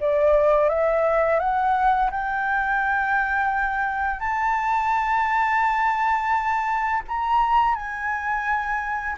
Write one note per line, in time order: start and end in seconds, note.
0.00 0.69 D5
0.69 1.40 E5
1.40 2.10 F#5
2.11 4.20 G5
4.20 7.02 A5
7.07 7.75 A#5
7.75 9.16 G#5